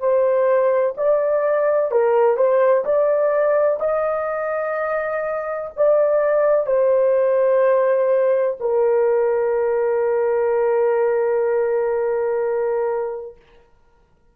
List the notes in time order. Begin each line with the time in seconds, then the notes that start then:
0.00 C5
0.97 D5
1.91 A#4
2.37 C5
2.85 D5
3.80 D#5
5.77 D5
6.67 C5
8.60 A#4